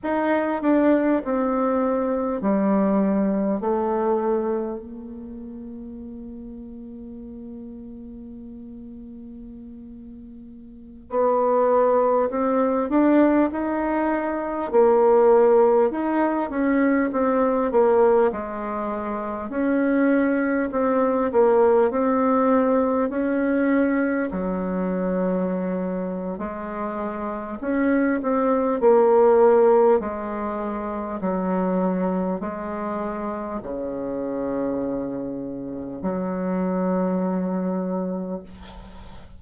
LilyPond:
\new Staff \with { instrumentName = "bassoon" } { \time 4/4 \tempo 4 = 50 dis'8 d'8 c'4 g4 a4 | ais1~ | ais4~ ais16 b4 c'8 d'8 dis'8.~ | dis'16 ais4 dis'8 cis'8 c'8 ais8 gis8.~ |
gis16 cis'4 c'8 ais8 c'4 cis'8.~ | cis'16 fis4.~ fis16 gis4 cis'8 c'8 | ais4 gis4 fis4 gis4 | cis2 fis2 | }